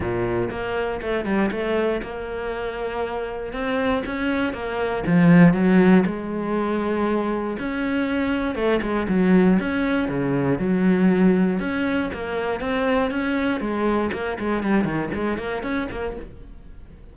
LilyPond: \new Staff \with { instrumentName = "cello" } { \time 4/4 \tempo 4 = 119 ais,4 ais4 a8 g8 a4 | ais2. c'4 | cis'4 ais4 f4 fis4 | gis2. cis'4~ |
cis'4 a8 gis8 fis4 cis'4 | cis4 fis2 cis'4 | ais4 c'4 cis'4 gis4 | ais8 gis8 g8 dis8 gis8 ais8 cis'8 ais8 | }